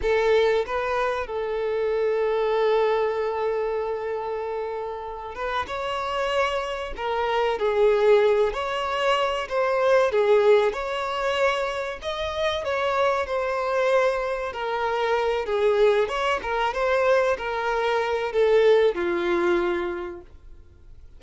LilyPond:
\new Staff \with { instrumentName = "violin" } { \time 4/4 \tempo 4 = 95 a'4 b'4 a'2~ | a'1~ | a'8 b'8 cis''2 ais'4 | gis'4. cis''4. c''4 |
gis'4 cis''2 dis''4 | cis''4 c''2 ais'4~ | ais'8 gis'4 cis''8 ais'8 c''4 ais'8~ | ais'4 a'4 f'2 | }